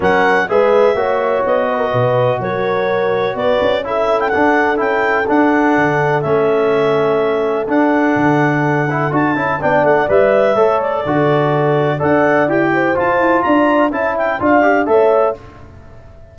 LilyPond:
<<
  \new Staff \with { instrumentName = "clarinet" } { \time 4/4 \tempo 4 = 125 fis''4 e''2 dis''4~ | dis''4 cis''2 d''4 | e''8. g''16 fis''4 g''4 fis''4~ | fis''4 e''2. |
fis''2. a''4 | g''8 fis''8 e''4. d''4.~ | d''4 fis''4 g''4 a''4 | ais''4 a''8 g''8 f''4 e''4 | }
  \new Staff \with { instrumentName = "horn" } { \time 4/4 ais'4 b'4 cis''4. b'16 ais'16 | b'4 ais'2 b'4 | a'1~ | a'1~ |
a'1 | d''2 cis''4 a'4~ | a'4 d''4. c''4. | d''4 e''4 d''4 cis''4 | }
  \new Staff \with { instrumentName = "trombone" } { \time 4/4 cis'4 gis'4 fis'2~ | fis'1 | e'4 d'4 e'4 d'4~ | d'4 cis'2. |
d'2~ d'8 e'8 fis'8 e'8 | d'4 b'4 a'4 fis'4~ | fis'4 a'4 g'4 f'4~ | f'4 e'4 f'8 g'8 a'4 | }
  \new Staff \with { instrumentName = "tuba" } { \time 4/4 fis4 gis4 ais4 b4 | b,4 fis2 b8 cis'8~ | cis'4 d'4 cis'4 d'4 | d4 a2. |
d'4 d2 d'8 cis'8 | b8 a8 g4 a4 d4~ | d4 d'4 e'4 f'8 e'8 | d'4 cis'4 d'4 a4 | }
>>